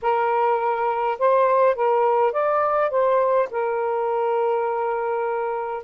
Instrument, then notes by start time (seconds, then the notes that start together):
saxophone
0.02 A#4
1.18 C5
1.75 A#4
2.32 D5
2.90 C5
3.50 A#4